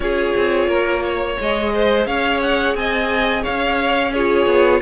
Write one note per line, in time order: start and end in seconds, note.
0.00 0.33 C#4
0.00 1.36 F4
0.00 0.68 G#4
0.00 1.35 C#5
0.36 0.67 C4
0.67 1.36 A#3
0.67 1.03 A#4
1.03 1.72 C#5
1.40 2.06 G#3
1.40 4.16 G#4
1.40 2.06 D#5
1.74 2.07 C5
2.06 2.74 C#4
2.06 2.76 C#5
2.06 2.41 F5
2.41 2.75 F#5
2.74 3.43 C4
2.74 3.42 D#5
2.74 3.44 G#5
3.42 4.46 C#4
3.42 4.11 C#5
3.42 4.12 F5
4.12 4.81 F4
4.12 4.81 G#4
4.12 4.81 C#5
4.46 4.80 B3